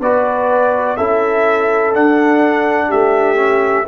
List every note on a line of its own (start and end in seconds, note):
0.00 0.97 B3
0.00 0.99 F#4
0.00 0.98 B4
0.00 0.97 D5
0.97 1.95 C#4
0.97 1.94 E4
0.97 2.89 A4
0.97 1.94 E5
1.94 3.36 D4
1.94 2.92 D4
1.94 2.91 F#5
2.89 3.88 A3
2.89 3.86 G4
2.89 3.88 E5
3.36 3.84 C#4